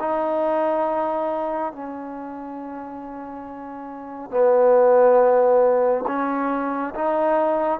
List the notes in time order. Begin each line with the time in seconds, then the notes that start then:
0.00 D#4
1.73 C#4
4.31 B3
6.07 C#4
6.95 D#4